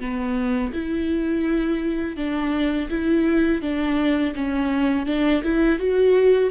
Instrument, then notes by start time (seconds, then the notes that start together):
viola
0.00 B3
0.74 E4
2.17 D4
2.90 E4
3.62 D4
4.35 C#4
5.07 D4
5.44 E4
5.79 F#4